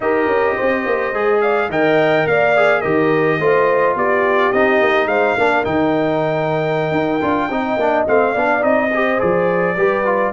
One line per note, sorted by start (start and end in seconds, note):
0.00 0.26 D#4
0.00 1.14 G4
0.00 0.56 A#4
0.00 1.41 D#5
0.26 0.54 C#4
0.56 0.85 C4
0.56 1.41 C5
0.85 1.13 A#3
1.13 1.69 G#3
1.13 1.70 G#4
1.41 1.70 D5
1.41 1.69 F5
1.69 2.25 D#3
1.69 2.55 A#4
1.69 2.27 D#5
1.69 2.27 G5
2.26 2.83 A#3
2.26 2.81 D5
2.26 2.81 F5
2.56 2.83 G#4
2.81 3.39 D#3
2.81 3.39 G4
2.81 3.37 A#4
2.81 3.94 D#5
3.39 3.95 A3
3.39 4.53 F4
3.39 3.95 C5
3.95 4.51 B3
3.95 5.08 G4
3.95 4.52 D5
4.52 4.80 C4
4.52 5.38 D#4
4.52 5.07 D#5
4.80 5.06 A#3
5.06 5.34 G#3
5.06 5.36 C5
5.06 5.64 F5
5.36 5.65 A#3
5.36 5.64 D4
5.36 7.50 A#4
5.64 6.91 D#3
5.64 7.20 D#4
5.64 8.05 G5
6.91 7.19 D#4
7.21 7.49 D4
7.21 7.49 F4
7.49 7.76 C4
7.49 7.79 D#4
7.49 8.32 D#5
7.76 8.04 A#3
7.76 8.07 D4
8.07 8.35 A3
8.07 8.35 C4
8.07 8.63 F5
8.32 8.63 B3
8.32 8.60 D4
8.32 8.89 D5
8.60 9.19 C4
8.60 8.88 D#4
8.60 9.19 D#5
8.93 9.19 G4
8.93 9.76 C5
9.19 9.76 F3
9.19 9.75 G#4
9.19 10.32 D5
9.76 10.32 G3
9.76 10.05 G4
9.76 10.32 B4
10.05 10.32 F4